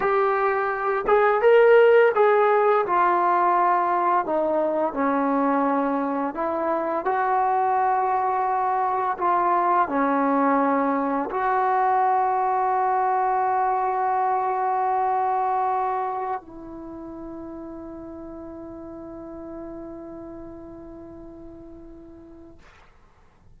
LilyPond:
\new Staff \with { instrumentName = "trombone" } { \time 4/4 \tempo 4 = 85 g'4. gis'8 ais'4 gis'4 | f'2 dis'4 cis'4~ | cis'4 e'4 fis'2~ | fis'4 f'4 cis'2 |
fis'1~ | fis'2.~ fis'16 e'8.~ | e'1~ | e'1 | }